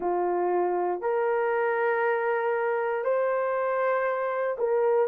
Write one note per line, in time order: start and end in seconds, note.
0.00 1.01 F4
1.01 3.04 A#4
3.04 4.57 C5
4.58 5.08 A#4